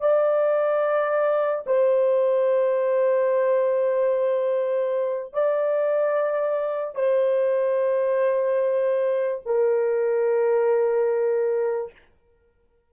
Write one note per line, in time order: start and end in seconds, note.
0.00 1.64 D5
1.66 5.33 C5
5.33 6.95 D5
6.95 9.41 C5
9.45 11.92 A#4